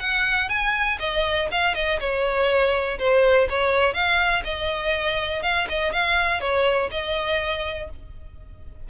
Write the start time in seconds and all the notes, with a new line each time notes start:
0.00 F#5
0.49 G#5
1.00 D#5
1.52 F5
1.75 D#5
2.00 C#5
2.99 C5
3.50 C#5
3.94 F5
4.45 D#5
5.43 F5
5.70 D#5
5.93 F5
6.41 C#5
6.91 D#5